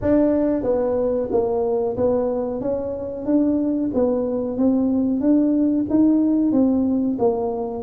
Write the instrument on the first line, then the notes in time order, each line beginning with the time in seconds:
tuba
0.01 D4
0.63 B3
1.31 A#3
1.97 B3
2.60 C#4
3.25 D4
3.94 B3
4.57 C4
5.20 D4
5.89 D#4
6.52 C4
7.18 A#3